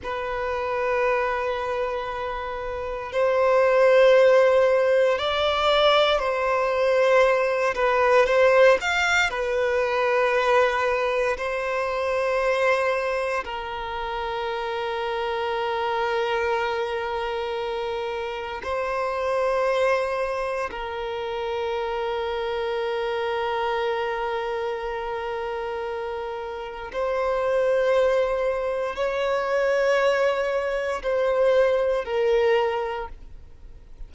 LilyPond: \new Staff \with { instrumentName = "violin" } { \time 4/4 \tempo 4 = 58 b'2. c''4~ | c''4 d''4 c''4. b'8 | c''8 f''8 b'2 c''4~ | c''4 ais'2.~ |
ais'2 c''2 | ais'1~ | ais'2 c''2 | cis''2 c''4 ais'4 | }